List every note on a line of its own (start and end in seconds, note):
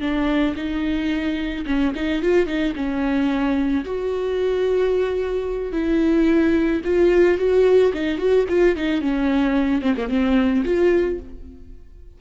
0.00 0.55 D4
0.56 1.65 D#4
1.66 1.93 C#4
1.95 2.21 D#4
2.21 2.46 F4
2.46 2.73 D#4
2.75 3.84 C#4
3.85 5.72 F#4
5.72 6.81 E4
6.84 7.38 F4
7.38 7.92 F#4
7.93 8.17 D#4
8.17 8.45 F#4
8.48 8.75 F4
8.75 9.01 D#4
9.01 9.81 C#4
9.81 9.95 C4
9.96 10.09 A#3
10.09 10.63 C4
10.64 11.18 F4